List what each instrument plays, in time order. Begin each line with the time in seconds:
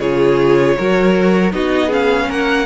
0.00 cello C#3, viola F4, violin G#4 C#5
0.78 cello F#3, viola F#4, violin A#4
1.53 cello B3, viola D#4, violin F#4 D#5
1.87 viola C#4, violin G#4
1.93 violin F5
2.29 cello A#3, violin A#4 F#5